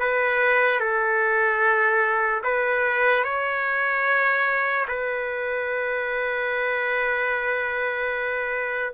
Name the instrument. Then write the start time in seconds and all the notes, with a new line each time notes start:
trumpet
0.00 B4
0.80 A4
2.44 B4
3.24 C#5
4.88 B4